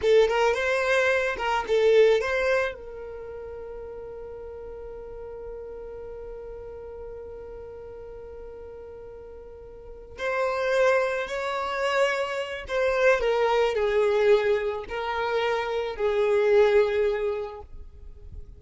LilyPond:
\new Staff \with { instrumentName = "violin" } { \time 4/4 \tempo 4 = 109 a'8 ais'8 c''4. ais'8 a'4 | c''4 ais'2.~ | ais'1~ | ais'1~ |
ais'2~ ais'8 c''4.~ | c''8 cis''2~ cis''8 c''4 | ais'4 gis'2 ais'4~ | ais'4 gis'2. | }